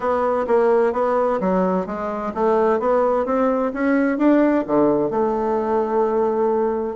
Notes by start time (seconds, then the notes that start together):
0.00 B3
0.47 A#3
0.93 B3
1.40 F#3
1.86 G#3
2.34 A3
2.79 B3
3.25 C4
3.73 C#4
4.18 D4
4.66 D3
5.10 A3